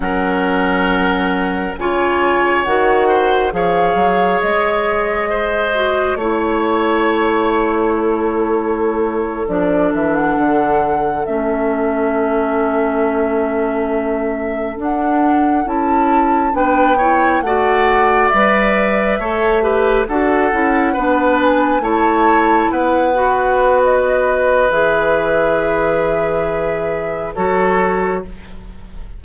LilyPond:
<<
  \new Staff \with { instrumentName = "flute" } { \time 4/4 \tempo 4 = 68 fis''2 gis''4 fis''4 | f''4 dis''2 cis''4~ | cis''2~ cis''8. d''8 e''16 fis''8~ | fis''8. e''2.~ e''16~ |
e''8. fis''4 a''4 g''4 fis''16~ | fis''8. e''2 fis''4~ fis''16~ | fis''16 gis''8 a''4 fis''4~ fis''16 dis''4 | e''2. cis''4 | }
  \new Staff \with { instrumentName = "oboe" } { \time 4/4 ais'2 cis''4. c''8 | cis''2 c''4 cis''4~ | cis''4 a'2.~ | a'1~ |
a'2~ a'8. b'8 cis''8 d''16~ | d''4.~ d''16 cis''8 b'8 a'4 b'16~ | b'8. cis''4 b'2~ b'16~ | b'2. a'4 | }
  \new Staff \with { instrumentName = "clarinet" } { \time 4/4 cis'2 f'4 fis'4 | gis'2~ gis'8 fis'8 e'4~ | e'2~ e'8. d'4~ d'16~ | d'8. cis'2.~ cis'16~ |
cis'8. d'4 e'4 d'8 e'8 fis'16~ | fis'8. b'4 a'8 g'8 fis'8 e'8 d'16~ | d'8. e'4. fis'4.~ fis'16 | gis'2. fis'4 | }
  \new Staff \with { instrumentName = "bassoon" } { \time 4/4 fis2 cis4 dis4 | f8 fis8 gis2 a4~ | a2~ a8. f8 e8 d16~ | d8. a2.~ a16~ |
a8. d'4 cis'4 b4 a16~ | a8. g4 a4 d'8 cis'8 b16~ | b8. a4 b2~ b16 | e2. fis4 | }
>>